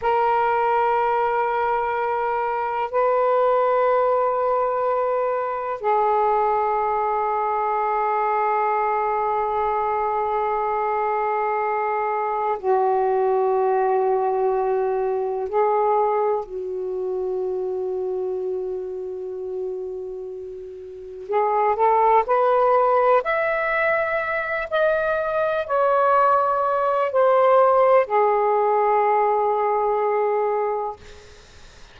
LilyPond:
\new Staff \with { instrumentName = "saxophone" } { \time 4/4 \tempo 4 = 62 ais'2. b'4~ | b'2 gis'2~ | gis'1~ | gis'4 fis'2. |
gis'4 fis'2.~ | fis'2 gis'8 a'8 b'4 | e''4. dis''4 cis''4. | c''4 gis'2. | }